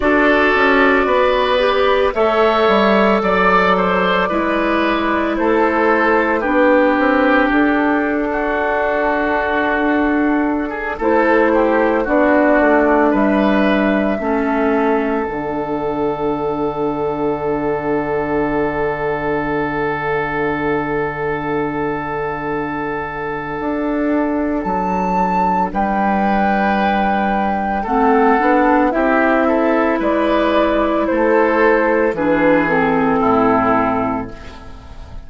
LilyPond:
<<
  \new Staff \with { instrumentName = "flute" } { \time 4/4 \tempo 4 = 56 d''2 e''4 d''4~ | d''4 c''4 b'4 a'4~ | a'2~ a'16 c''4 d''8.~ | d''16 e''2 fis''4.~ fis''16~ |
fis''1~ | fis''2. a''4 | g''2 fis''4 e''4 | d''4 c''4 b'8 a'4. | }
  \new Staff \with { instrumentName = "oboe" } { \time 4/4 a'4 b'4 cis''4 d''8 c''8 | b'4 a'4 g'4.~ g'16 fis'16~ | fis'2 gis'16 a'8 g'8 fis'8.~ | fis'16 b'4 a'2~ a'8.~ |
a'1~ | a'1 | b'2 a'4 g'8 a'8 | b'4 a'4 gis'4 e'4 | }
  \new Staff \with { instrumentName = "clarinet" } { \time 4/4 fis'4. g'8 a'2 | e'2 d'2~ | d'2~ d'16 e'4 d'8.~ | d'4~ d'16 cis'4 d'4.~ d'16~ |
d'1~ | d'1~ | d'2 c'8 d'8 e'4~ | e'2 d'8 c'4. | }
  \new Staff \with { instrumentName = "bassoon" } { \time 4/4 d'8 cis'8 b4 a8 g8 fis4 | gis4 a4 b8 c'8 d'4~ | d'2~ d'16 a4 b8 a16~ | a16 g4 a4 d4.~ d16~ |
d1~ | d2 d'4 fis4 | g2 a8 b8 c'4 | gis4 a4 e4 a,4 | }
>>